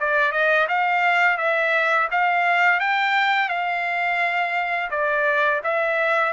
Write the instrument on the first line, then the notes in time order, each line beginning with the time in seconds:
trumpet
0.00 D5
0.32 D#5
0.68 F5
1.38 E5
2.11 F5
2.80 G5
3.49 F5
4.90 D5
5.63 E5